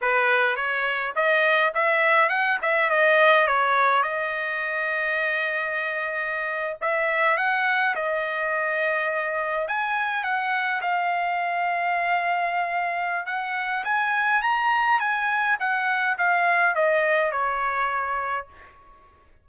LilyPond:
\new Staff \with { instrumentName = "trumpet" } { \time 4/4 \tempo 4 = 104 b'4 cis''4 dis''4 e''4 | fis''8 e''8 dis''4 cis''4 dis''4~ | dis''2.~ dis''8. e''16~ | e''8. fis''4 dis''2~ dis''16~ |
dis''8. gis''4 fis''4 f''4~ f''16~ | f''2. fis''4 | gis''4 ais''4 gis''4 fis''4 | f''4 dis''4 cis''2 | }